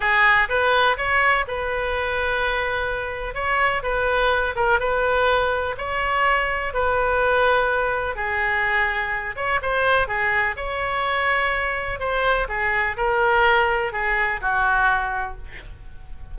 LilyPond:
\new Staff \with { instrumentName = "oboe" } { \time 4/4 \tempo 4 = 125 gis'4 b'4 cis''4 b'4~ | b'2. cis''4 | b'4. ais'8 b'2 | cis''2 b'2~ |
b'4 gis'2~ gis'8 cis''8 | c''4 gis'4 cis''2~ | cis''4 c''4 gis'4 ais'4~ | ais'4 gis'4 fis'2 | }